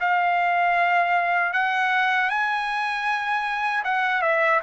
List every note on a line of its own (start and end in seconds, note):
0.00 1.53 F5
1.53 2.29 F#5
2.29 3.83 G#5
3.84 4.22 F#5
4.22 4.60 E5